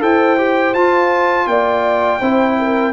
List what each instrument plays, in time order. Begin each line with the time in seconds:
0.00 tuba E4, trombone A4, horn C5, trumpet G5
0.37 trombone G4
0.74 trombone F4, tuba F4, trumpet A5
1.46 tuba A#3, horn D5, trumpet G5
2.20 tuba C4, trombone E4, horn C5
2.58 horn A#4